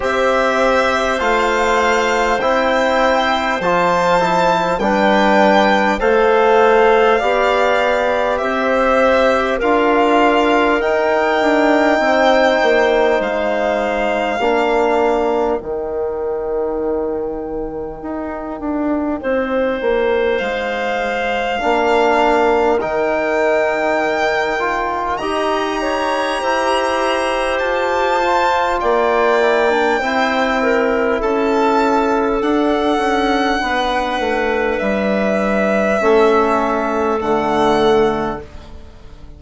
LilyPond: <<
  \new Staff \with { instrumentName = "violin" } { \time 4/4 \tempo 4 = 50 e''4 f''4 g''4 a''4 | g''4 f''2 e''4 | f''4 g''2 f''4~ | f''4 g''2.~ |
g''4 f''2 g''4~ | g''4 ais''2 a''4 | g''2 a''4 fis''4~ | fis''4 e''2 fis''4 | }
  \new Staff \with { instrumentName = "clarinet" } { \time 4/4 c''1 | b'4 c''4 d''4 c''4 | ais'2 c''2 | ais'1 |
c''2 ais'2~ | ais'4 dis''8 cis''8 c''2 | d''4 c''8 ais'8 a'2 | b'2 a'2 | }
  \new Staff \with { instrumentName = "trombone" } { \time 4/4 g'4 f'4 e'4 f'8 e'8 | d'4 a'4 g'2 | f'4 dis'2. | d'4 dis'2.~ |
dis'2 d'4 dis'4~ | dis'8 f'8 g'2~ g'8 f'8~ | f'8 e'16 d'16 e'2 d'4~ | d'2 cis'4 a4 | }
  \new Staff \with { instrumentName = "bassoon" } { \time 4/4 c'4 a4 c'4 f4 | g4 a4 b4 c'4 | d'4 dis'8 d'8 c'8 ais8 gis4 | ais4 dis2 dis'8 d'8 |
c'8 ais8 gis4 ais4 dis4~ | dis4 dis'4 e'4 f'4 | ais4 c'4 cis'4 d'8 cis'8 | b8 a8 g4 a4 d4 | }
>>